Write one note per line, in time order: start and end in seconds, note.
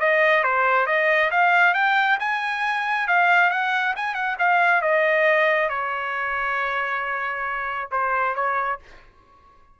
0.00 0.44 D#5
0.44 0.87 C5
0.87 1.31 D#5
1.31 1.75 F5
1.75 2.19 G5
2.20 3.08 G#5
3.08 3.51 F5
3.51 3.95 F#5
3.96 4.15 G#5
4.15 4.37 F#5
4.39 4.82 F5
4.82 5.70 D#5
5.70 7.90 C#5
7.92 8.35 C5
8.35 8.80 C#5